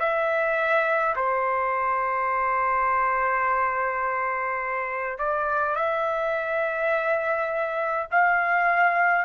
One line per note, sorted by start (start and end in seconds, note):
0.00 1.15 E5
1.16 5.19 C5
5.19 5.76 D5
5.76 8.07 E5
8.11 9.26 F5